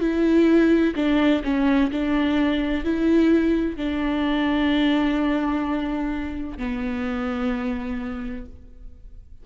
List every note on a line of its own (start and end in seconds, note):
0.00 0.94 E4
0.95 1.42 D4
1.44 1.90 C#4
1.91 2.84 D4
2.84 3.76 E4
3.76 6.58 D4
6.58 8.45 B3